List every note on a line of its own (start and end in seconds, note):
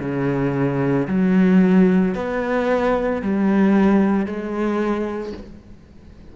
0.00 1.07 C#3
1.07 2.14 F#3
2.15 3.22 B3
3.22 4.26 G3
4.26 5.33 G#3